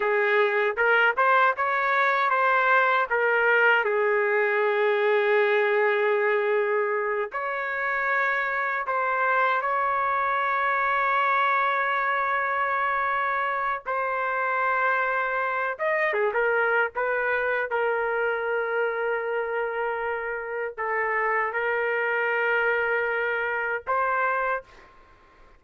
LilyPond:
\new Staff \with { instrumentName = "trumpet" } { \time 4/4 \tempo 4 = 78 gis'4 ais'8 c''8 cis''4 c''4 | ais'4 gis'2.~ | gis'4. cis''2 c''8~ | c''8 cis''2.~ cis''8~ |
cis''2 c''2~ | c''8 dis''8 gis'16 ais'8. b'4 ais'4~ | ais'2. a'4 | ais'2. c''4 | }